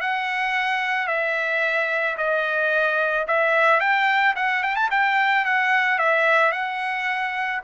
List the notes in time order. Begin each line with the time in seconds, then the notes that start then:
0.00 F#5
1.07 E5
2.17 D#5
3.27 E5
3.80 G5
4.36 F#5
4.62 G5
4.76 A5
4.90 G5
5.45 F#5
5.98 E5
6.52 F#5